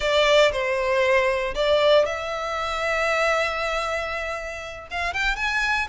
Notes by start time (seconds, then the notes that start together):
0.00 D5
0.52 C5
1.55 D5
2.05 E5
4.90 F5
5.13 G5
5.36 G#5